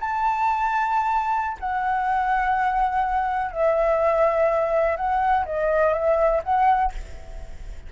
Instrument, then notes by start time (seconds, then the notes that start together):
flute
0.00 A5
1.60 F#5
3.51 E5
4.96 F#5
5.45 D#5
5.93 E5
6.44 F#5